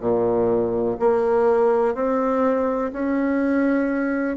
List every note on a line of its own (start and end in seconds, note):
0.00 0.97 A#2
0.99 1.95 A#3
1.95 2.92 C4
2.93 4.37 C#4